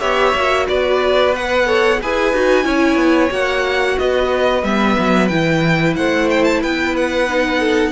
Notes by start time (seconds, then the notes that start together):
0.00 B3 G4 C#5 E5
0.34 A#3 F#4
0.68 B3 B4 D5
1.35 B4 F#5
1.65 A4 C#5
2.02 E4 G#4 B4 G#5
2.33 D#4 F#4
2.64 C#4 E4 C#5
2.95 B3
3.30 A#3 F#4 F#5
3.98 B3 B4 D#5
4.63 G3 B3 E5
4.99 F#3
5.27 E3 E4 G5
5.96 A3 C5 F#5
6.30 G5
6.43 A5
6.62 B3 B4 G5
6.96 F#5
7.28 D#4
7.59 A4